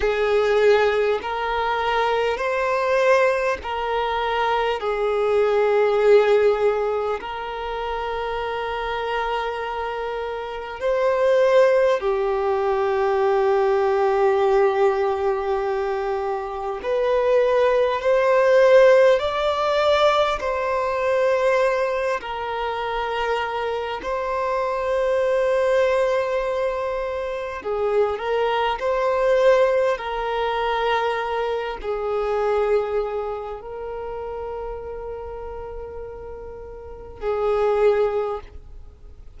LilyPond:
\new Staff \with { instrumentName = "violin" } { \time 4/4 \tempo 4 = 50 gis'4 ais'4 c''4 ais'4 | gis'2 ais'2~ | ais'4 c''4 g'2~ | g'2 b'4 c''4 |
d''4 c''4. ais'4. | c''2. gis'8 ais'8 | c''4 ais'4. gis'4. | ais'2. gis'4 | }